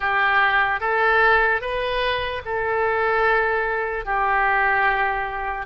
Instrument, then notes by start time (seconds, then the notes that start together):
oboe
0.00 G4
0.80 A4
1.61 B4
2.45 A4
4.05 G4